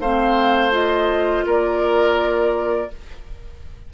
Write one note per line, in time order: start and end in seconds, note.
0.00 1.45 A3
0.00 0.71 C4
0.00 1.45 C5
0.00 0.73 F5
0.71 2.88 F4
0.71 1.45 D#5
1.45 2.90 A#3
1.45 2.91 A#4
1.45 2.94 D5